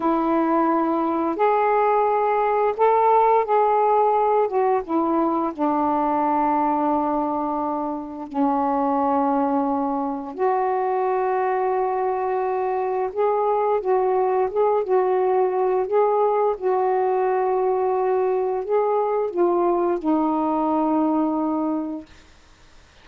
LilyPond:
\new Staff \with { instrumentName = "saxophone" } { \time 4/4 \tempo 4 = 87 e'2 gis'2 | a'4 gis'4. fis'8 e'4 | d'1 | cis'2. fis'4~ |
fis'2. gis'4 | fis'4 gis'8 fis'4. gis'4 | fis'2. gis'4 | f'4 dis'2. | }